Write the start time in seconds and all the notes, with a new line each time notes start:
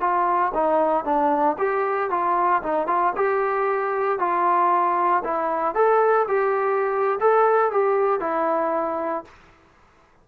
0.00 F4
0.54 D#4
1.04 D4
1.58 G4
2.10 F4
2.63 D#4
2.87 F4
3.16 G4
4.19 F4
5.24 E4
5.74 A4
6.28 G4
7.20 A4
7.71 G4
8.20 E4